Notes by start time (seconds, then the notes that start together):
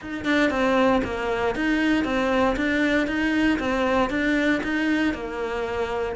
0.01 D#4
0.24 D4
0.50 C4
1.04 A#3
1.55 D#4
2.04 C4
2.56 D4
3.07 D#4
3.59 C4
4.10 D4
4.63 D#4
5.14 A#3